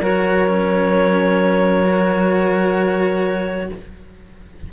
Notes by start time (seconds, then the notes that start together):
0.00 F#3 F#4 A#4 C#5
0.48 C#4
1.84 F#4